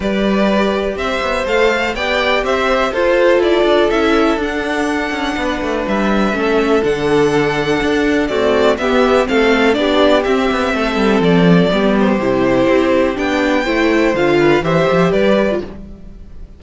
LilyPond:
<<
  \new Staff \with { instrumentName = "violin" } { \time 4/4 \tempo 4 = 123 d''2 e''4 f''4 | g''4 e''4 c''4 d''4 | e''4 fis''2. | e''2 fis''2~ |
fis''4 d''4 e''4 f''4 | d''4 e''2 d''4~ | d''8 c''2~ c''8 g''4~ | g''4 f''4 e''4 d''4 | }
  \new Staff \with { instrumentName = "violin" } { \time 4/4 b'2 c''2 | d''4 c''4 a'2~ | a'2. b'4~ | b'4 a'2.~ |
a'4 fis'4 g'4 a'4 | g'2 a'2 | g'1 | c''4. b'8 c''4 b'4 | }
  \new Staff \with { instrumentName = "viola" } { \time 4/4 g'2. a'4 | g'2 f'2 | e'4 d'2.~ | d'4 cis'4 d'2~ |
d'4 a4 b4 c'4 | d'4 c'2. | b4 e'2 d'4 | e'4 f'4 g'4.~ g'16 f'16 | }
  \new Staff \with { instrumentName = "cello" } { \time 4/4 g2 c'8 b8 a4 | b4 c'4 f'4 e'8 d'8 | cis'4 d'4. cis'8 b8 a8 | g4 a4 d2 |
d'4 c'4 b4 a4 | b4 c'8 b8 a8 g8 f4 | g4 c4 c'4 b4 | a4 d4 e8 f8 g4 | }
>>